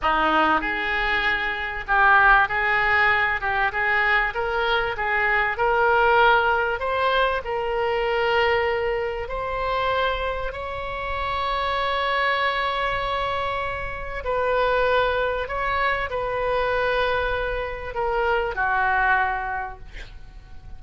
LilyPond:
\new Staff \with { instrumentName = "oboe" } { \time 4/4 \tempo 4 = 97 dis'4 gis'2 g'4 | gis'4. g'8 gis'4 ais'4 | gis'4 ais'2 c''4 | ais'2. c''4~ |
c''4 cis''2.~ | cis''2. b'4~ | b'4 cis''4 b'2~ | b'4 ais'4 fis'2 | }